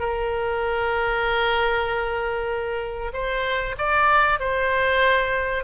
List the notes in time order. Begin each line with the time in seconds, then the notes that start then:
0.00 A#4
3.13 C5
3.78 D5
4.40 C5